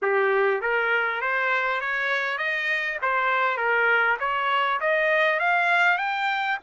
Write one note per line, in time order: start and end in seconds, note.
0.02 0.61 G4
0.61 1.21 A#4
1.21 1.81 C5
1.81 2.38 C#5
2.38 2.98 D#5
3.02 3.57 C5
3.57 4.17 A#4
4.19 4.79 C#5
4.80 5.39 D#5
5.39 5.98 F5
5.98 6.58 G5